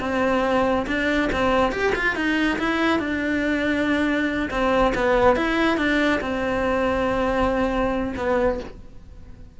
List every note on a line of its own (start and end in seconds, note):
0.00 0.86 C4
0.87 1.30 D4
1.32 1.72 C4
1.72 1.93 G4
1.95 2.15 F4
2.15 2.58 D#4
2.59 2.99 E4
2.99 4.49 D4
4.50 4.93 C4
4.95 5.36 B3
5.36 5.77 E4
5.77 6.20 D4
6.21 8.14 C4
8.17 8.60 B3